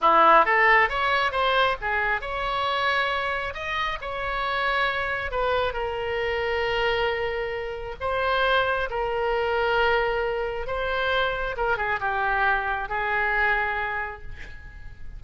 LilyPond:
\new Staff \with { instrumentName = "oboe" } { \time 4/4 \tempo 4 = 135 e'4 a'4 cis''4 c''4 | gis'4 cis''2. | dis''4 cis''2. | b'4 ais'2.~ |
ais'2 c''2 | ais'1 | c''2 ais'8 gis'8 g'4~ | g'4 gis'2. | }